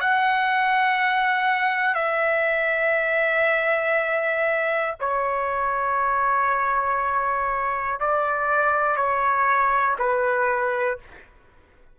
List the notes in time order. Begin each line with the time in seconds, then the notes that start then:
0.00 F#5
1.95 E5
5.00 C#5
8.00 D5
8.96 C#5
9.98 B4